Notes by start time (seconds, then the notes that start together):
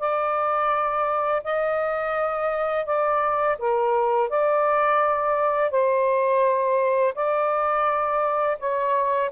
0.00 D5
1.44 D#5
2.86 D5
3.59 A#4
4.30 D5
5.71 C5
7.15 D5
8.60 C#5